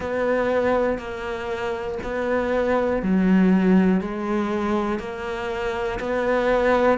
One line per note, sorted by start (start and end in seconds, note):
0.00 0.98 B3
0.98 1.98 A#3
2.03 3.02 B3
3.02 4.00 F#3
4.00 4.99 G#3
4.99 5.99 A#3
5.99 6.98 B3